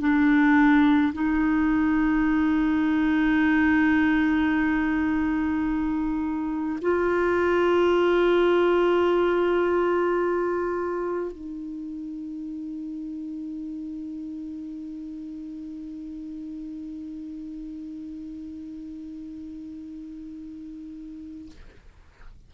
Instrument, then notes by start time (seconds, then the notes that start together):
clarinet
0.00 D4
1.14 D#4
6.82 F4
11.33 D#4